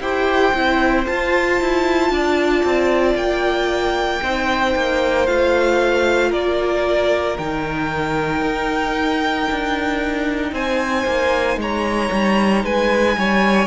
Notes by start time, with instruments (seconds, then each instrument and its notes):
0.00 cello E4, viola G4, violin C5 G5
0.54 cello C4, viola E4
1.07 viola F4, cello F4, violin A5
1.61 cello E4
2.11 cello D4, violin D5
2.65 cello C4
3.15 cello A#3, violin G5
4.23 cello C4, viola D#4, violin C5
4.76 cello A#3
5.27 cello A3, viola F4, violin F5
6.30 cello A#3, violin A#4 D5
7.38 cello D#3, viola D#4, violin G5
8.42 cello D#4
9.51 cello D4
10.52 cello C4, violin C5 G#5
11.06 cello A#3
11.57 cello G#3, violin C#5 A#5
12.12 cello G3
12.64 cello G#3, violin B4 G#5
13.18 cello G3, violin C#5